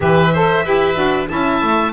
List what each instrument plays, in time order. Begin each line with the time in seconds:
0.00 double bass E3, saxophone G4, oboe B4, violin E5
0.33 saxophone A4, oboe C5
0.65 double bass E4, saxophone G4, oboe B4
0.94 double bass D4, saxophone F#4
1.27 double bass C#4, saxophone E4, oboe E5, violin A5
1.61 double bass A3